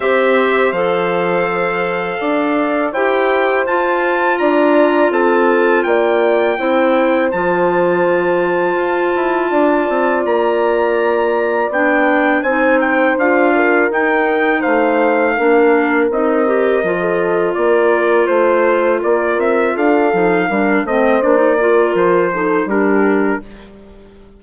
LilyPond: <<
  \new Staff \with { instrumentName = "trumpet" } { \time 4/4 \tempo 4 = 82 e''4 f''2. | g''4 a''4 ais''4 a''4 | g''2 a''2~ | a''2 ais''2 |
g''4 gis''8 g''8 f''4 g''4 | f''2 dis''2 | d''4 c''4 d''8 e''8 f''4~ | f''8 dis''8 d''4 c''4 ais'4 | }
  \new Staff \with { instrumentName = "horn" } { \time 4/4 c''2. d''4 | c''2 d''4 a'4 | d''4 c''2.~ | c''4 d''2.~ |
d''4 c''4. ais'4. | c''4 ais'2~ ais'16 a'8. | ais'4 c''4 ais'4 a'4 | ais'8 c''4 ais'4 a'8 g'4 | }
  \new Staff \with { instrumentName = "clarinet" } { \time 4/4 g'4 a'2. | g'4 f'2.~ | f'4 e'4 f'2~ | f'1 |
d'4 dis'4 f'4 dis'4~ | dis'4 d'4 dis'8 g'8 f'4~ | f'2.~ f'8 dis'8 | d'8 c'8 d'16 dis'16 f'4 dis'8 d'4 | }
  \new Staff \with { instrumentName = "bassoon" } { \time 4/4 c'4 f2 d'4 | e'4 f'4 d'4 c'4 | ais4 c'4 f2 | f'8 e'8 d'8 c'8 ais2 |
b4 c'4 d'4 dis'4 | a4 ais4 c'4 f4 | ais4 a4 ais8 c'8 d'8 f8 | g8 a8 ais4 f4 g4 | }
>>